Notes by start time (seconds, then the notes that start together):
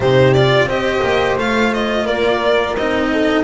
0.00 C3 D#4 G4 C5
0.33 F4 D5
0.65 C4 G4 C5 D#5
1.03 A#3
1.37 A3 F4 F5
1.73 D#5
2.05 A#3 A#4 D5
2.76 C4 D#4 D#5
3.12 A4